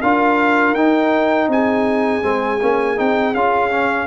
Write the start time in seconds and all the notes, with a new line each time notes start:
0.00 D4 F4 A#4 F5
0.74 D#4 G5
1.48 C4 G#4 G#5
2.22 G#3 C4
2.61 A#3 C#4
2.97 C4 D#4 G5
3.34 C#4 F4 F5
3.71 C#4